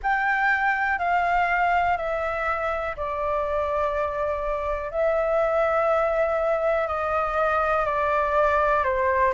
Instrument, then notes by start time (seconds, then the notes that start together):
flute
0.03 G5
0.98 F5
1.97 E5
2.96 D5
4.90 E5
6.87 D#5
7.85 D5
8.83 C5